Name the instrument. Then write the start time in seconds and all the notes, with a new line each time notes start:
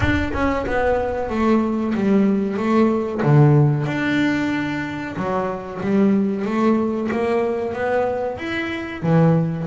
double bass
0.00 D4
0.33 C#4
0.66 B3
1.29 A3
1.94 G3
2.57 A3
3.23 D3
3.86 D4
5.16 F#3
5.81 G3
6.45 A3
7.11 A#3
7.73 B3
8.38 E4
9.02 E3